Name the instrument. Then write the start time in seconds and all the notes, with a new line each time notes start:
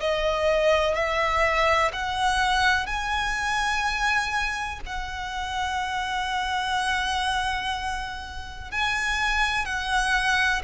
violin
0.00 D#5
0.95 E5
1.93 F#5
2.86 G#5
4.86 F#5
8.71 G#5
9.65 F#5